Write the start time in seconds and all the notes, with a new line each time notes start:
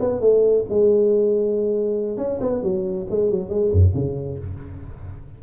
0.00 B3
0.21 A3
0.70 G#3
2.18 C#4
2.41 B3
2.63 F#3
3.10 G#3
3.31 F#3
3.50 G#3
3.72 F#2
3.95 C#3